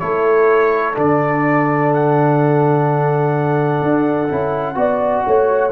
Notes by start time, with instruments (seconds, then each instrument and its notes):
0.00 tuba A3, trombone E4, horn A4, trumpet C#5
0.95 tuba D3, trombone D4, trumpet D5
1.94 trumpet F#5
3.82 tuba D4
4.29 tuba C#4, trombone E4
4.75 tuba B3, trombone F#4, horn D5
5.27 tuba A3, horn C#5